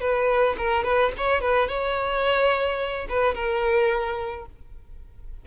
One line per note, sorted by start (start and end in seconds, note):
0.00 0.56 B4
0.58 0.84 A#4
0.84 1.11 B4
1.17 1.41 C#5
1.41 1.68 B4
1.68 3.07 C#5
3.09 3.35 B4
3.35 4.46 A#4